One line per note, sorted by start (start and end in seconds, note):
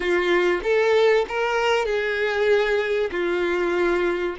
0.00 0.61 F4
0.63 1.25 A4
1.28 1.85 A#4
1.85 3.10 G#4
3.11 4.36 F4